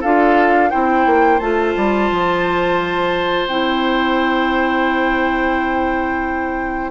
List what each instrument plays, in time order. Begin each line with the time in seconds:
0.00 bassoon D4, clarinet F4, oboe A4, flute F5
0.70 bassoon C4, clarinet E4, oboe C5, flute G5
1.05 bassoon A#3
1.39 bassoon A3, clarinet F4, flute A5
1.76 bassoon G3
2.11 bassoon F3
3.46 bassoon C4, clarinet E4, flute G5